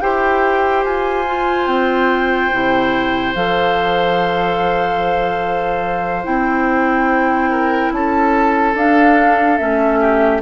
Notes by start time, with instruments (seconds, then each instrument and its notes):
0.00 bassoon E4, clarinet G4, oboe C5, flute G5
0.84 bassoon F4, flute G#5
1.26 clarinet F4
1.66 bassoon C4, flute G5
2.52 bassoon C3, clarinet E4
3.35 bassoon F3, clarinet A4, flute F5
6.24 bassoon C4, clarinet E4, flute G5
7.51 oboe A#4
7.92 bassoon C#4, oboe A4, flute A5
8.74 bassoon D4, clarinet D4, flute F5
9.58 bassoon A3, clarinet C#4, flute E5
10.00 oboe G4